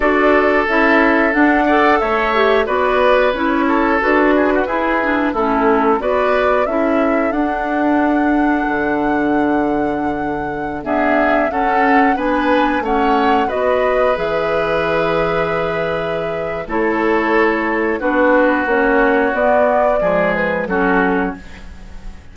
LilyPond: <<
  \new Staff \with { instrumentName = "flute" } { \time 4/4 \tempo 4 = 90 d''4 e''4 fis''4 e''4 | d''4 cis''4 b'2 | a'4 d''4 e''4 fis''4~ | fis''1~ |
fis''16 e''4 fis''4 gis''4 fis''8.~ | fis''16 dis''4 e''2~ e''8.~ | e''4 cis''2 b'4 | cis''4 d''4. b'8 a'4 | }
  \new Staff \with { instrumentName = "oboe" } { \time 4/4 a'2~ a'8 d''8 cis''4 | b'4. a'4 gis'16 fis'16 gis'4 | e'4 b'4 a'2~ | a'1~ |
a'16 gis'4 a'4 b'4 cis''8.~ | cis''16 b'2.~ b'8.~ | b'4 a'2 fis'4~ | fis'2 gis'4 fis'4 | }
  \new Staff \with { instrumentName = "clarinet" } { \time 4/4 fis'4 e'4 d'8 a'4 g'8 | fis'4 e'4 fis'4 e'8 d'8 | cis'4 fis'4 e'4 d'4~ | d'1~ |
d'16 b4 cis'4 d'4 cis'8.~ | cis'16 fis'4 gis'2~ gis'8.~ | gis'4 e'2 d'4 | cis'4 b4 gis4 cis'4 | }
  \new Staff \with { instrumentName = "bassoon" } { \time 4/4 d'4 cis'4 d'4 a4 | b4 cis'4 d'4 e'4 | a4 b4 cis'4 d'4~ | d'4 d2.~ |
d16 d'4 cis'4 b4 a8.~ | a16 b4 e2~ e8.~ | e4 a2 b4 | ais4 b4 f4 fis4 | }
>>